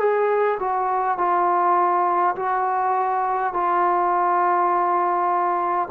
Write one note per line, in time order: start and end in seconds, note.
0.00 0.59 G#4
0.60 1.18 F#4
1.18 2.36 F4
2.36 3.54 F#4
3.54 5.89 F4